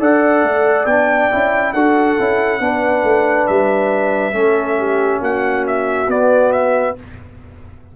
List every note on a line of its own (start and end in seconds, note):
0.00 0.43 D4
0.00 0.87 A4
0.00 1.74 D5
0.00 0.86 F#5
0.43 0.86 A3
0.86 1.29 B3
0.86 1.31 D4
0.86 1.73 G5
1.31 1.74 C#4
1.31 1.74 E4
1.73 2.18 D4
1.73 2.19 F#4
1.73 2.61 A4
1.73 3.47 F#5
2.19 2.60 C#4
2.19 2.61 E4
2.60 3.04 B3
2.60 4.33 D4
2.60 4.37 B4
3.04 3.47 A3
3.47 4.33 G3
3.47 5.21 E5
4.33 5.20 A3
4.33 6.07 C#4
4.33 4.78 A4
4.78 5.20 G4
5.20 6.08 A#3
5.20 6.94 F#4
5.20 5.66 F#5
5.67 6.11 E5
6.08 6.95 B3
6.08 6.96 B3
6.08 6.52 D5
6.52 6.96 E5